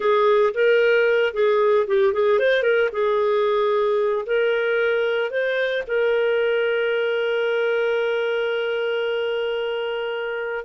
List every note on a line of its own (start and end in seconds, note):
0.00 0.53 G#4
0.54 1.33 A#4
1.33 1.86 G#4
1.87 2.13 G4
2.13 2.39 G#4
2.39 2.62 C5
2.62 2.89 A#4
2.92 4.25 G#4
4.26 5.30 A#4
5.30 5.83 C5
5.87 10.65 A#4